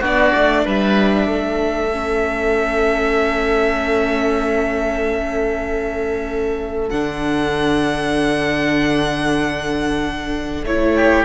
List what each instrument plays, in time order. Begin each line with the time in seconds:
0.00 cello B3, viola D4, oboe F#4, violin D5
0.35 cello A3
0.65 cello G3, oboe B4, violin E5
1.27 cello A3, oboe A4
1.91 viola C#4
6.89 cello D3, viola D4, violin F#5
10.63 cello A3, viola E4, violin C#5
10.96 oboe G4